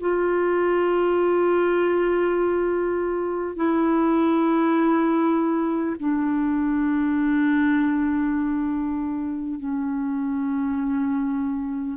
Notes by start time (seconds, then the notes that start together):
0.00 F4
3.56 E4
5.99 D4
9.59 C#4